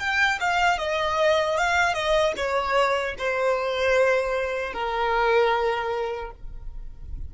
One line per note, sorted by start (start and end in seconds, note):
0.00 0.39 G5
0.40 0.79 F5
0.79 1.58 D#5
1.58 1.94 F5
1.94 2.33 D#5
2.37 3.16 C#5
3.19 4.73 C5
4.73 6.31 A#4